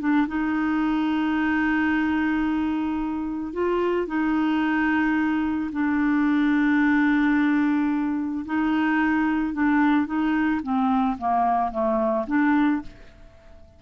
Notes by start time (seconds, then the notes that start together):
0.00 D4
0.28 D#4
3.54 F4
4.08 D#4
5.73 D4
8.46 D#4
9.54 D4
10.07 D#4
10.63 C4
11.18 A#3
11.72 A3
12.28 D4